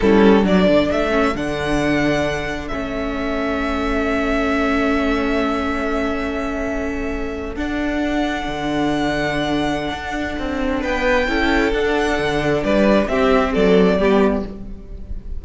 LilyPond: <<
  \new Staff \with { instrumentName = "violin" } { \time 4/4 \tempo 4 = 133 a'4 d''4 e''4 fis''4~ | fis''2 e''2~ | e''1~ | e''1~ |
e''8. fis''2.~ fis''16~ | fis''1 | g''2 fis''2 | d''4 e''4 d''2 | }
  \new Staff \with { instrumentName = "violin" } { \time 4/4 e'4 a'2.~ | a'1~ | a'1~ | a'1~ |
a'1~ | a'1 | b'4 a'2. | b'4 g'4 a'4 g'4 | }
  \new Staff \with { instrumentName = "viola" } { \time 4/4 cis'4 d'4. cis'8 d'4~ | d'2 cis'2~ | cis'1~ | cis'1~ |
cis'8. d'2.~ d'16~ | d'1~ | d'4 e'4 d'2~ | d'4 c'2 b4 | }
  \new Staff \with { instrumentName = "cello" } { \time 4/4 g4 fis8 d8 a4 d4~ | d2 a2~ | a1~ | a1~ |
a8. d'2 d4~ d16~ | d2 d'4 c'4 | b4 cis'4 d'4 d4 | g4 c'4 fis4 g4 | }
>>